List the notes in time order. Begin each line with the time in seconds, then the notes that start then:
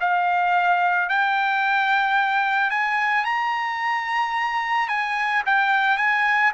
0.00 F5
1.09 G5
2.70 G#5
3.24 A#5
4.88 G#5
5.45 G5
5.97 G#5